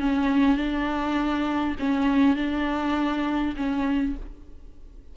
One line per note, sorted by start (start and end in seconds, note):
0.00 0.57 C#4
0.57 1.76 D4
1.79 2.36 C#4
2.36 3.55 D4
3.56 4.16 C#4